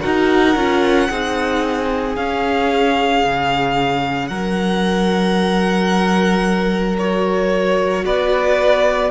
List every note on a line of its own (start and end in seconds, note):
0.00 0.56 D#4
0.00 0.54 F#4
0.00 1.09 A#4
0.00 2.15 F#5
0.56 1.09 C#4
0.56 1.10 F4
1.09 2.17 C4
1.09 2.17 D#4
1.09 4.29 G#4
2.15 3.24 C#4
2.15 7.00 C#4
2.15 4.28 F5
3.24 4.30 C#3
4.28 8.04 F#3
4.28 8.04 A#4
4.28 6.96 F#5
6.98 9.11 F#4
6.98 8.05 C#5
8.04 9.11 B3
8.04 9.11 B4
8.04 9.11 D5